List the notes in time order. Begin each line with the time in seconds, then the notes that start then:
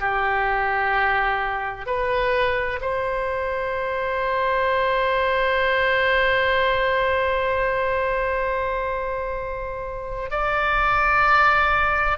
0.00 G4
1.86 B4
2.81 C5
10.30 D5